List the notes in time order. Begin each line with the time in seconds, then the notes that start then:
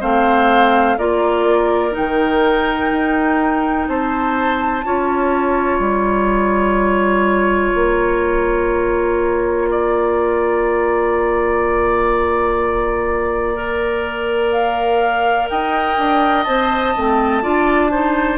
0.00 A3 C4 C5 F5
0.97 A#3 F4 A#4 D5
1.91 D#4 G5
1.98 D#3
2.91 D#4
3.88 C4 C5 A5
4.84 C#4 F4 C#5
5.79 G3 A#5
7.74 A#3
9.71 D5
13.55 A#4
14.51 F5
15.50 D#4 D#5 G5
15.98 D4
16.44 C4 C5 A5
16.96 A3 C4
17.42 D4 F4 D5
17.91 D#4 C5